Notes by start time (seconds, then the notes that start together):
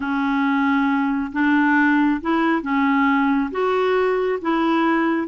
0.00 C#4
1.32 D4
2.21 E4
2.62 C#4
3.51 F#4
4.41 E4